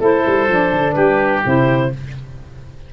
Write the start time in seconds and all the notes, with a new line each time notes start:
0.00 A3 E4 A4 C5
0.27 G3
0.49 F3 D4
0.73 D3
0.93 G3 G4 B4
1.45 C3 E4 C5